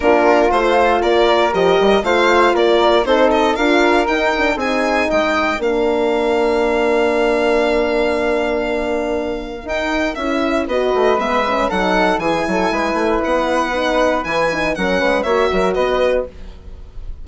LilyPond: <<
  \new Staff \with { instrumentName = "violin" } { \time 4/4 \tempo 4 = 118 ais'4 c''4 d''4 dis''4 | f''4 d''4 c''8 dis''8 f''4 | g''4 gis''4 g''4 f''4~ | f''1~ |
f''2. g''4 | e''4 dis''4 e''4 fis''4 | gis''2 fis''2 | gis''4 fis''4 e''4 dis''4 | }
  \new Staff \with { instrumentName = "flute" } { \time 4/4 f'2 ais'2 | c''4 ais'4 a'4 ais'4~ | ais'4 gis'4 dis''4 ais'4~ | ais'1~ |
ais'1~ | ais'4 b'2 a'4 | gis'8 a'8 b'2.~ | b'4 ais'8 b'8 cis''8 ais'8 b'4 | }
  \new Staff \with { instrumentName = "horn" } { \time 4/4 d'4 f'2 g'4 | f'2 dis'4 f'4 | dis'8 d'8 dis'2 d'4~ | d'1~ |
d'2. dis'4 | e'4 fis'4 b8 cis'8 dis'4 | e'2. dis'4 | e'8 dis'8 cis'4 fis'2 | }
  \new Staff \with { instrumentName = "bassoon" } { \time 4/4 ais4 a4 ais4 f8 g8 | a4 ais4 c'4 d'4 | dis'4 c'4 gis4 ais4~ | ais1~ |
ais2. dis'4 | cis'4 b8 a8 gis4 fis4 | e8 fis8 gis8 a8 b2 | e4 fis8 gis8 ais8 fis8 b4 | }
>>